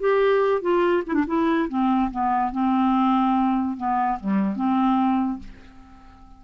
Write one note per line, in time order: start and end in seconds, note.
0.00 0.62 G4
0.62 1.03 F4
1.07 1.14 E4
1.14 1.25 D4
1.27 1.69 E4
1.69 2.11 C4
2.11 2.52 B3
2.52 3.77 C4
3.77 4.19 B3
4.20 4.56 G3
4.56 5.39 C4